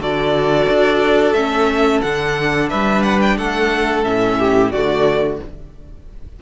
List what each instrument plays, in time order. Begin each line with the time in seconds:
0.00 cello D3, viola F#4, violin A4 D5
0.70 cello D4
1.34 cello A3, viola C#4, violin E5
2.02 cello D3, viola D4, violin F#5
2.70 cello G3, violin B4 E5
3.03 violin F#5
3.22 violin G5
3.38 cello A3, violin A4 F#5
4.04 cello A2, viola C#4, violin E5
4.39 violin G4
4.72 cello D3, viola A3, violin F#4 D5